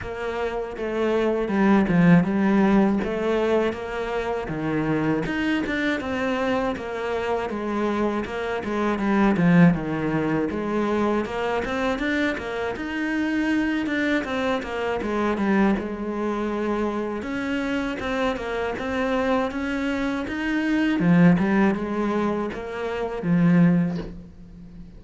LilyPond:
\new Staff \with { instrumentName = "cello" } { \time 4/4 \tempo 4 = 80 ais4 a4 g8 f8 g4 | a4 ais4 dis4 dis'8 d'8 | c'4 ais4 gis4 ais8 gis8 | g8 f8 dis4 gis4 ais8 c'8 |
d'8 ais8 dis'4. d'8 c'8 ais8 | gis8 g8 gis2 cis'4 | c'8 ais8 c'4 cis'4 dis'4 | f8 g8 gis4 ais4 f4 | }